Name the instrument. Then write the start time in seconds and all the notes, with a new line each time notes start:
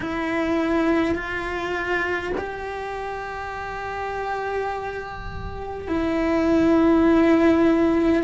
cello
0.00 E4
1.15 F4
2.37 G4
5.88 E4